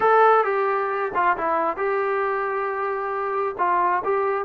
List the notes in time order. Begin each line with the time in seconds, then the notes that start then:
0.00 A4
0.44 G4
1.14 F4
1.37 E4
1.76 G4
3.58 F4
4.04 G4